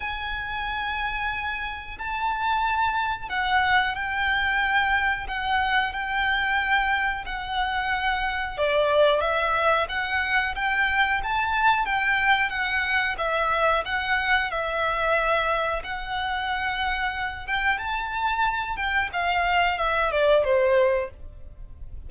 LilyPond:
\new Staff \with { instrumentName = "violin" } { \time 4/4 \tempo 4 = 91 gis''2. a''4~ | a''4 fis''4 g''2 | fis''4 g''2 fis''4~ | fis''4 d''4 e''4 fis''4 |
g''4 a''4 g''4 fis''4 | e''4 fis''4 e''2 | fis''2~ fis''8 g''8 a''4~ | a''8 g''8 f''4 e''8 d''8 c''4 | }